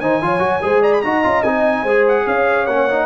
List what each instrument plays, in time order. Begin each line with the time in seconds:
0.00 tuba D#3, trombone D#4, horn C5, trumpet G#5
0.22 tuba F3, trombone F4, horn C#5
0.39 tuba F#3, trombone F#4
0.62 tuba G#3, trombone G#4, horn C5
0.82 horn D5, trumpet A#5
0.93 trumpet B5
1.02 tuba D#4, trombone F#4, horn D#5, trumpet A#5
1.23 tuba C#4, trombone F4
1.43 tuba C4, trombone D#4, trumpet G#5
1.83 tuba G#3, trombone G#4, horn C5
2.08 trumpet F#5
2.26 tuba C#4, horn C#5, trumpet F5
2.66 tuba A#3, trombone C#4, trumpet F#5
2.89 trombone D#4